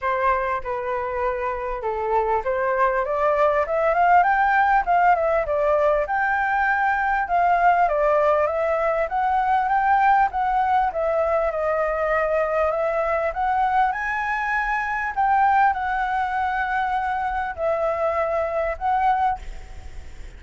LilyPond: \new Staff \with { instrumentName = "flute" } { \time 4/4 \tempo 4 = 99 c''4 b'2 a'4 | c''4 d''4 e''8 f''8 g''4 | f''8 e''8 d''4 g''2 | f''4 d''4 e''4 fis''4 |
g''4 fis''4 e''4 dis''4~ | dis''4 e''4 fis''4 gis''4~ | gis''4 g''4 fis''2~ | fis''4 e''2 fis''4 | }